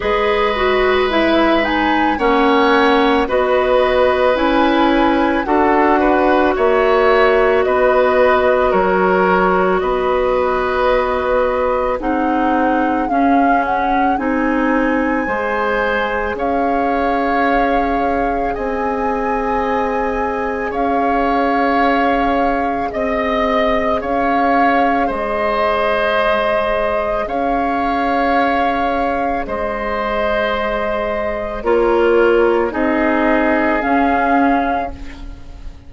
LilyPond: <<
  \new Staff \with { instrumentName = "flute" } { \time 4/4 \tempo 4 = 55 dis''4 e''8 gis''8 fis''4 dis''4 | gis''4 fis''4 e''4 dis''4 | cis''4 dis''2 fis''4 | f''8 fis''8 gis''2 f''4~ |
f''4 gis''2 f''4~ | f''4 dis''4 f''4 dis''4~ | dis''4 f''2 dis''4~ | dis''4 cis''4 dis''4 f''4 | }
  \new Staff \with { instrumentName = "oboe" } { \time 4/4 b'2 cis''4 b'4~ | b'4 a'8 b'8 cis''4 b'4 | ais'4 b'2 gis'4~ | gis'2 c''4 cis''4~ |
cis''4 dis''2 cis''4~ | cis''4 dis''4 cis''4 c''4~ | c''4 cis''2 c''4~ | c''4 ais'4 gis'2 | }
  \new Staff \with { instrumentName = "clarinet" } { \time 4/4 gis'8 fis'8 e'8 dis'8 cis'4 fis'4 | e'4 fis'2.~ | fis'2. dis'4 | cis'4 dis'4 gis'2~ |
gis'1~ | gis'1~ | gis'1~ | gis'4 f'4 dis'4 cis'4 | }
  \new Staff \with { instrumentName = "bassoon" } { \time 4/4 gis2 ais4 b4 | cis'4 d'4 ais4 b4 | fis4 b2 c'4 | cis'4 c'4 gis4 cis'4~ |
cis'4 c'2 cis'4~ | cis'4 c'4 cis'4 gis4~ | gis4 cis'2 gis4~ | gis4 ais4 c'4 cis'4 | }
>>